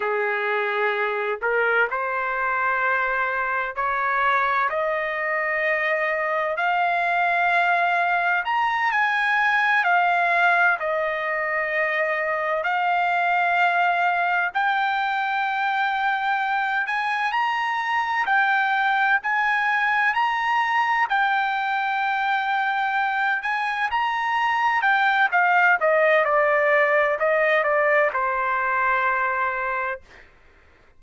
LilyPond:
\new Staff \with { instrumentName = "trumpet" } { \time 4/4 \tempo 4 = 64 gis'4. ais'8 c''2 | cis''4 dis''2 f''4~ | f''4 ais''8 gis''4 f''4 dis''8~ | dis''4. f''2 g''8~ |
g''2 gis''8 ais''4 g''8~ | g''8 gis''4 ais''4 g''4.~ | g''4 gis''8 ais''4 g''8 f''8 dis''8 | d''4 dis''8 d''8 c''2 | }